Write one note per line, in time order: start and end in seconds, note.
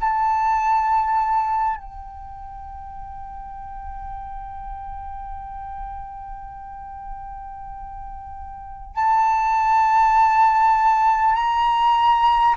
0.00 1.76 A5
1.76 8.96 G5
8.96 11.35 A5
11.35 12.55 A#5